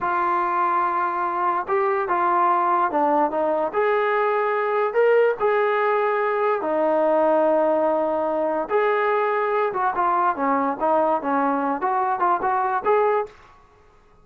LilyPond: \new Staff \with { instrumentName = "trombone" } { \time 4/4 \tempo 4 = 145 f'1 | g'4 f'2 d'4 | dis'4 gis'2. | ais'4 gis'2. |
dis'1~ | dis'4 gis'2~ gis'8 fis'8 | f'4 cis'4 dis'4 cis'4~ | cis'8 fis'4 f'8 fis'4 gis'4 | }